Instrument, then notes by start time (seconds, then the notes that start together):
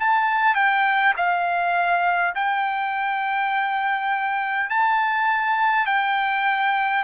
trumpet
0.00 A5
0.55 G5
1.17 F5
2.35 G5
4.70 A5
5.86 G5